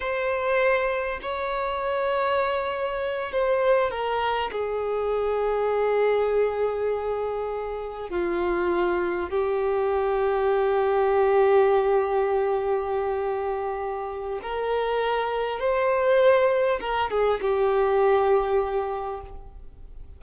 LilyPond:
\new Staff \with { instrumentName = "violin" } { \time 4/4 \tempo 4 = 100 c''2 cis''2~ | cis''4. c''4 ais'4 gis'8~ | gis'1~ | gis'4. f'2 g'8~ |
g'1~ | g'1 | ais'2 c''2 | ais'8 gis'8 g'2. | }